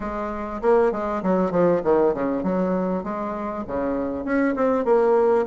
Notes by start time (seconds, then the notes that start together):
0.00 G#3
0.61 A#3
0.91 G#3
1.23 F#3
1.51 F3
1.83 D#3
2.13 C#3
2.43 F#3
3.03 G#3
3.67 C#3
4.24 C#4
4.55 C4
4.85 A#3